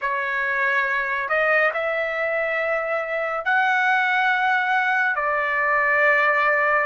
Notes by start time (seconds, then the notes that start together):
0.01 C#5
1.28 D#5
1.73 E5
3.44 F#5
5.15 D5